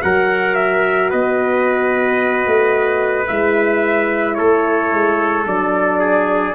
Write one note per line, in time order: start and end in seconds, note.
0.00 1.12 F#3
0.00 3.27 F#4
0.00 1.10 A#4
0.00 0.55 F#5
0.55 1.09 E5
1.10 2.46 B3
1.10 4.37 B4
1.10 3.27 D#5
2.46 3.28 A3
3.27 4.38 G#3
3.27 5.46 E4
3.27 4.34 E5
4.34 4.92 A3
4.34 5.99 A4
4.34 5.43 C#5
4.92 5.45 G#3
5.45 6.55 F#3
5.45 6.55 D4
5.45 6.55 D5
5.99 6.54 G#4